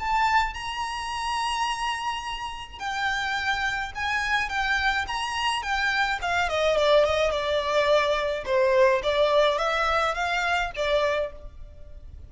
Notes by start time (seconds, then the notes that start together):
0.00 A5
0.54 A#5
2.79 G5
3.95 G#5
4.49 G5
5.08 A#5
5.63 G5
6.22 F5
6.50 D#5
6.77 D5
7.05 D#5
7.31 D5
8.46 C5
9.03 D5
9.59 E5
10.15 F5
10.76 D5